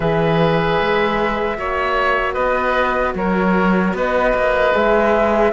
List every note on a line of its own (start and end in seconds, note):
0.00 0.78 E3
0.00 1.56 G#4
0.00 1.57 B4
0.00 2.33 E5
0.80 1.58 G#3
1.56 2.36 A#3
1.56 4.72 F#4
1.56 2.33 C#5
2.33 3.14 B3
2.33 3.12 B4
2.33 3.12 D#5
3.14 3.93 F#3
3.14 3.96 A#4
3.14 3.95 C#5
3.93 4.33 B3
3.93 5.52 B4
3.93 4.76 D#5
4.34 4.74 A#3
4.72 5.52 G#3
4.72 5.51 G#4
4.72 5.52 E5